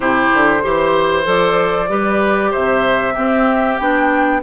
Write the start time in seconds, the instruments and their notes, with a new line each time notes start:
0.00 bassoon C3, clarinet E4, oboe G4, flute C5
0.33 bassoon D3
0.62 bassoon E3, clarinet G4, oboe C5
1.23 bassoon F3, clarinet A4, flute D5
1.88 bassoon G3, clarinet G4, oboe B4
2.50 bassoon C3, oboe C5, flute E5
3.14 clarinet C4, bassoon C4, oboe G4
3.77 bassoon B3, clarinet D4, flute G5